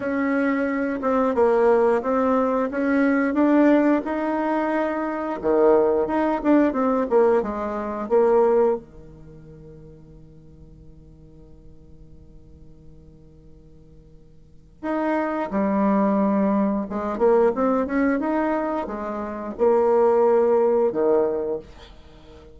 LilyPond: \new Staff \with { instrumentName = "bassoon" } { \time 4/4 \tempo 4 = 89 cis'4. c'8 ais4 c'4 | cis'4 d'4 dis'2 | dis4 dis'8 d'8 c'8 ais8 gis4 | ais4 dis2.~ |
dis1~ | dis2 dis'4 g4~ | g4 gis8 ais8 c'8 cis'8 dis'4 | gis4 ais2 dis4 | }